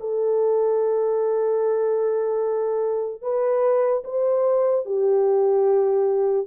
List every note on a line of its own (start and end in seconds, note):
0.00 3.22 A4
3.22 4.03 B4
4.04 4.85 C5
4.85 6.47 G4